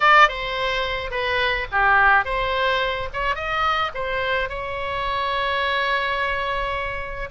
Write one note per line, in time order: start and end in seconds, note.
0.00 0.28 D5
0.28 1.11 C5
1.11 1.67 B4
1.71 2.24 G4
2.24 3.08 C5
3.13 3.35 C#5
3.35 3.91 D#5
3.94 4.49 C5
4.49 7.29 C#5